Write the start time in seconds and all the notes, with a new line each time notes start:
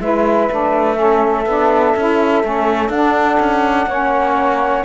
0.00 G#3 E4 B4 E5
0.50 A3 D4
0.95 C#4 A4
1.46 B3 D4
1.96 C#4 E4
2.42 A3 C#4
2.89 D4 F#5
3.39 C#4
3.86 A#3 C#4 C#5